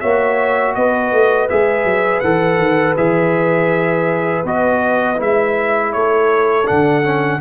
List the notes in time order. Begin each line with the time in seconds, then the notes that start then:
0.00 A#3 F#4 C#5 E5
0.74 B3 B4 D#5
1.12 A3
1.49 G#3 G#4 E5
1.84 F#3
2.20 E3 A4 F#5
2.58 D#3
2.96 E3 G#4 E5
4.44 B3 F#4 D#5
5.15 G#3 E4 E5
5.93 A3 A4 C#5
6.65 D3 D4 F#5
7.03 C#4